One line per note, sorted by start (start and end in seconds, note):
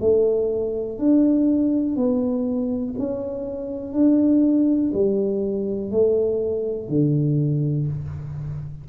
0.00 0.98 A3
0.98 1.96 D4
1.96 2.95 B3
2.98 3.93 C#4
3.93 4.91 D4
4.93 5.91 G3
5.91 6.89 A3
6.89 7.87 D3